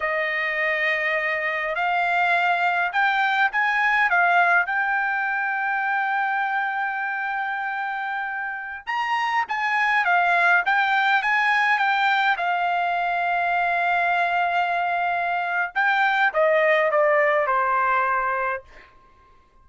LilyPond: \new Staff \with { instrumentName = "trumpet" } { \time 4/4 \tempo 4 = 103 dis''2. f''4~ | f''4 g''4 gis''4 f''4 | g''1~ | g''2.~ g''16 ais''8.~ |
ais''16 gis''4 f''4 g''4 gis''8.~ | gis''16 g''4 f''2~ f''8.~ | f''2. g''4 | dis''4 d''4 c''2 | }